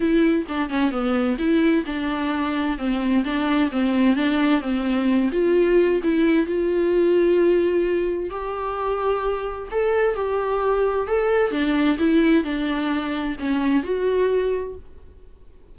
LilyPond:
\new Staff \with { instrumentName = "viola" } { \time 4/4 \tempo 4 = 130 e'4 d'8 cis'8 b4 e'4 | d'2 c'4 d'4 | c'4 d'4 c'4. f'8~ | f'4 e'4 f'2~ |
f'2 g'2~ | g'4 a'4 g'2 | a'4 d'4 e'4 d'4~ | d'4 cis'4 fis'2 | }